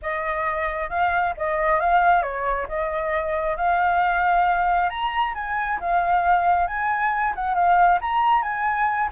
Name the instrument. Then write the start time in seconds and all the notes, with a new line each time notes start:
flute
0.02 D#5
0.89 F5
1.37 D#5
1.80 F5
2.22 C#5
2.67 D#5
3.56 F5
4.89 A#5
5.34 G#5
5.80 F5
6.67 G#5
7.35 F#5
7.54 F5
8.01 A#5
8.42 G#5